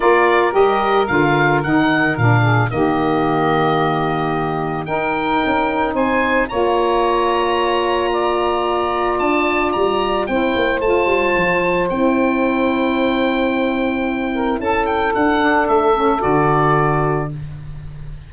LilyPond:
<<
  \new Staff \with { instrumentName = "oboe" } { \time 4/4 \tempo 4 = 111 d''4 dis''4 f''4 fis''4 | f''4 dis''2.~ | dis''4 g''2 gis''4 | ais''1~ |
ais''4 a''4 ais''4 g''4 | a''2 g''2~ | g''2. a''8 g''8 | fis''4 e''4 d''2 | }
  \new Staff \with { instrumentName = "saxophone" } { \time 4/4 ais'1~ | ais'8 gis'8 g'2.~ | g'4 ais'2 c''4 | cis''2. d''4~ |
d''2. c''4~ | c''1~ | c''2~ c''8 ais'8 a'4~ | a'1 | }
  \new Staff \with { instrumentName = "saxophone" } { \time 4/4 f'4 g'4 f'4 dis'4 | d'4 ais2.~ | ais4 dis'2. | f'1~ |
f'2. e'4 | f'2 e'2~ | e'1~ | e'8 d'4 cis'8 fis'2 | }
  \new Staff \with { instrumentName = "tuba" } { \time 4/4 ais4 g4 d4 dis4 | ais,4 dis2.~ | dis4 dis'4 cis'4 c'4 | ais1~ |
ais4 d'4 g4 c'8 ais8 | a8 g8 f4 c'2~ | c'2. cis'4 | d'4 a4 d2 | }
>>